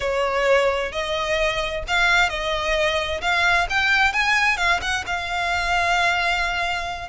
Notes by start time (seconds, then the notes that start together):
0.00 C#5
0.91 D#5
1.87 F5
2.29 D#5
3.21 F5
3.69 G5
4.12 G#5
4.57 F5
4.81 F#5
5.06 F5